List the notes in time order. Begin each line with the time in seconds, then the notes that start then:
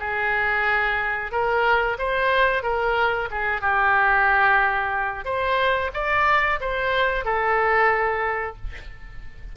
0.00 G#4
1.32 A#4
1.99 C5
2.63 A#4
3.31 G#4
3.62 G4
5.25 C5
5.94 D5
6.61 C5
7.25 A4